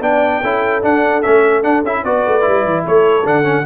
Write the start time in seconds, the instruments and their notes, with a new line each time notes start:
0.00 tuba B3, trombone D4, horn D5, trumpet G5
0.41 tuba C#4, trombone E4, horn A4
0.82 trombone D4, tuba D4, trumpet F#5
1.22 tuba A3, trombone C#4, trumpet E5
1.62 trombone D4, tuba D4, trumpet F#5
1.83 tuba C#4, trombone E4, trumpet E5
2.03 tuba B3, trombone F#4, horn B4, trumpet D5
2.26 tuba A3
2.41 trombone E4
2.47 tuba G3
2.64 tuba E3
2.83 tuba A3, horn A4, trumpet C#5
3.24 tuba D3, trombone D4, trumpet F#5
3.43 trombone C#4